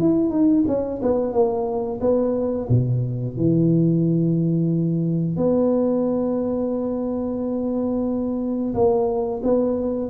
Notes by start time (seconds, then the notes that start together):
0.00 E4
0.31 D#4
0.68 C#4
1.02 B3
1.33 A#3
2.01 B3
2.69 B2
3.37 E3
5.37 B3
8.75 A#3
9.44 B3